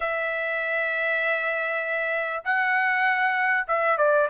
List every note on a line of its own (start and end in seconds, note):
0.00 2.43 E5
2.44 3.67 F#5
3.67 3.97 E5
3.97 4.28 D5